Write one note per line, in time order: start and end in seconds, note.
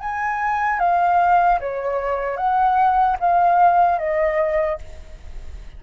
0.00 0.79 G#5
0.79 1.59 F5
1.60 2.37 C#5
2.37 3.17 F#5
3.19 3.98 F5
3.98 4.79 D#5